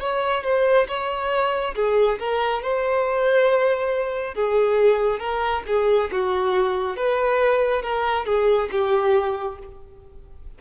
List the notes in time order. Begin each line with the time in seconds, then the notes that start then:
0.00 C#5
0.44 C5
0.88 C#5
1.75 G#4
2.19 A#4
2.62 C5
4.34 G#4
5.19 A#4
5.67 G#4
6.11 F#4
6.96 B4
7.82 A#4
8.26 G#4
8.72 G4